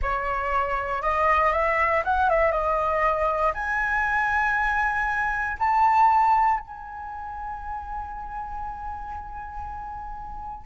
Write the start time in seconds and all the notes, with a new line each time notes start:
0.02 C#5
1.01 D#5
1.52 E5
2.04 F#5
2.29 E5
2.51 D#5
3.53 G#5
5.59 A5
6.60 G#5